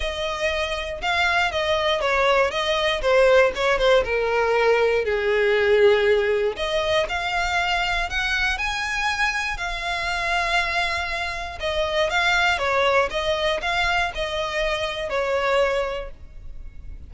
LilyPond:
\new Staff \with { instrumentName = "violin" } { \time 4/4 \tempo 4 = 119 dis''2 f''4 dis''4 | cis''4 dis''4 c''4 cis''8 c''8 | ais'2 gis'2~ | gis'4 dis''4 f''2 |
fis''4 gis''2 f''4~ | f''2. dis''4 | f''4 cis''4 dis''4 f''4 | dis''2 cis''2 | }